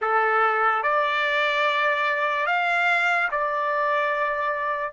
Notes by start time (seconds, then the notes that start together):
0.01 A4
0.82 D5
2.46 F5
3.31 D5